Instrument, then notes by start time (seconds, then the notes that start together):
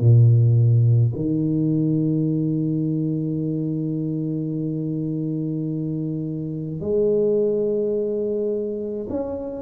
tuba
0.00 A#2
1.15 D#3
6.81 G#3
9.10 C#4